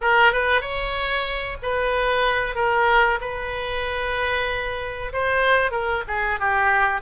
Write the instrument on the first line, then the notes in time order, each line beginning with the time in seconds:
oboe
0.01 A#4
0.32 B4
0.61 C#5
1.62 B4
2.55 A#4
3.21 B4
5.12 C5
5.71 A#4
6.07 G#4
6.39 G4